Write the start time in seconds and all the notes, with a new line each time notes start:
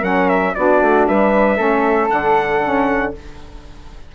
0.00 F#3 C#4 A#4 F#5
0.29 E5
0.55 B3 D4 F#4 D5
0.81 A3
1.08 G3 B4 E5
1.57 A3 C#4 A4
2.10 D3 D4 F#5
2.63 C#4